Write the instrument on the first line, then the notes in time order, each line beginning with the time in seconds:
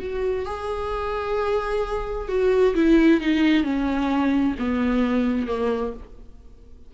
viola
0.00 F#4
0.46 G#4
2.29 F#4
2.75 E4
3.21 D#4
3.64 C#4
4.59 B3
5.48 A#3